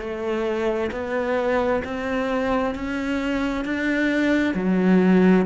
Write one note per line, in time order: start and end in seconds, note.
0.00 0.91 A3
0.92 1.83 B3
1.85 2.75 C4
2.75 3.65 C#4
3.65 4.55 D4
4.55 5.46 F#3